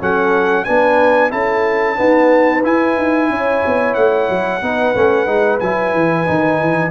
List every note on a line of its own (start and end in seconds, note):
0.00 0.68 F#3
0.00 0.66 C#4
0.00 0.65 A4
0.00 0.65 F#5
0.65 1.33 B3
0.65 1.30 D4
0.65 1.31 B4
0.65 1.31 G#5
1.30 1.99 C#4
1.30 1.96 E4
1.30 1.98 A4
1.30 2.64 A5
1.96 2.62 B3
1.96 2.66 D#4
1.96 3.32 B4
2.64 4.62 E4
2.64 2.98 E4
2.64 3.95 G#5
2.98 3.30 D#4
3.30 3.63 C#4
3.30 4.63 C#5
3.66 3.97 B3
3.95 4.30 A3
3.95 5.59 F#5
4.30 4.62 F#3
4.62 4.95 B3
4.62 4.95 D#4
4.62 6.92 B4
4.95 5.27 A3
4.95 5.27 C#4
5.27 5.60 G#3
5.27 5.60 D#4
5.60 5.95 F#3
5.60 6.26 E4
5.60 6.92 G#5
5.95 6.27 E3
6.26 6.61 D#3
6.26 6.92 D#4
6.61 6.92 E3